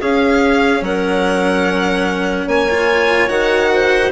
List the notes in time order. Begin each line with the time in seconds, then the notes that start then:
0.00 C#4 G#4 F5
0.82 F#3 A#4 F#5
2.47 A#3 C#5 G#5
2.71 F4
3.29 D#3 F#4 F#5
3.73 C5